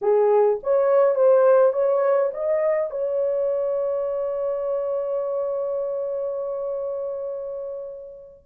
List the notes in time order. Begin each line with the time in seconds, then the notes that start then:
0.01 G#4
0.63 C#5
1.15 C5
1.73 C#5
2.33 D#5
2.90 C#5